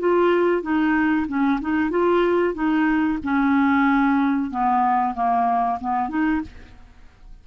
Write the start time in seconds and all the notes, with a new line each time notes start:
0.00 F4
0.62 D#4
1.28 C#4
1.62 D#4
1.91 F4
2.55 D#4
3.24 C#4
4.51 B3
5.15 A#3
5.81 B3
6.09 D#4